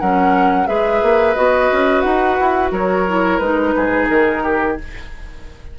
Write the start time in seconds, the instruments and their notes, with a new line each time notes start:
0.00 bassoon F#3, clarinet C#4, oboe A#4, flute F#5
0.66 bassoon G#3, clarinet G#4, oboe B4, flute E5
1.02 bassoon A#3
1.35 bassoon B3, clarinet F#4, flute D#5
1.72 bassoon C#4
2.01 bassoon D#4, flute F#5
2.40 bassoon E4
2.71 bassoon F#3, oboe A#4, flute C#5
3.08 clarinet E4
3.38 bassoon G#3, clarinet D#4, flute B4
3.75 bassoon G#2, oboe G#4
4.09 bassoon D#3, flute A#4
4.43 oboe G4